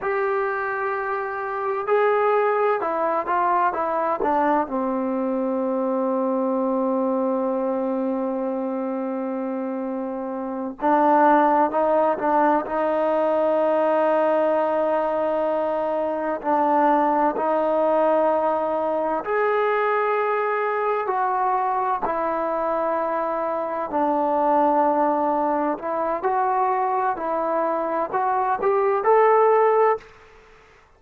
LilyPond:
\new Staff \with { instrumentName = "trombone" } { \time 4/4 \tempo 4 = 64 g'2 gis'4 e'8 f'8 | e'8 d'8 c'2.~ | c'2.~ c'8 d'8~ | d'8 dis'8 d'8 dis'2~ dis'8~ |
dis'4. d'4 dis'4.~ | dis'8 gis'2 fis'4 e'8~ | e'4. d'2 e'8 | fis'4 e'4 fis'8 g'8 a'4 | }